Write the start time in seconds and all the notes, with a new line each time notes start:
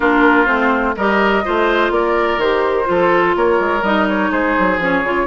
0.00 A#3 D4 F4 A#4
0.45 A3 C4 C5
0.96 G3 G4 A#4 D#5
1.44 A3 F4 C5
1.90 A#3 A#4 D5
2.37 D#3 G4 C5
2.84 F3 F4
2.90 A4
3.35 A#3 A#4 C#5
3.59 G#3
3.82 G3 D#4 D#5
4.08 C#5
4.30 G#3 G#4 C5
4.59 F#3
4.78 F3 C#4 C#5
5.03 C#3 F4